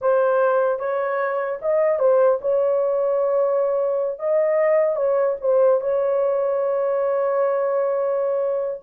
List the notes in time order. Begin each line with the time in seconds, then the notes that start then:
0.01 C5
0.79 C#5
1.61 D#5
1.99 C5
2.41 C#5
4.19 D#5
4.96 C#5
5.40 C5
5.80 C#5